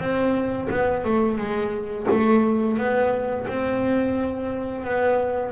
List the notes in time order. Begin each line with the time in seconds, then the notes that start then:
0.00 C4
0.70 B3
1.05 A3
1.38 G#3
2.11 A3
2.78 B3
3.48 C4
4.85 B3